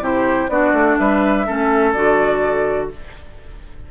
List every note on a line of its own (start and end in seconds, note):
0.00 0.48 C3
0.00 0.49 E4
0.00 0.51 G4
0.00 0.49 C5
0.49 0.73 B3
0.49 1.47 D4
0.49 0.99 F#4
0.49 0.97 D5
0.73 0.97 A3
0.98 1.48 G3
0.98 1.47 B4
0.98 1.93 E5
1.47 1.95 A3
1.47 1.95 C#4
1.47 2.91 A4
1.93 2.91 D3
1.93 2.91 F#4
1.93 2.89 D5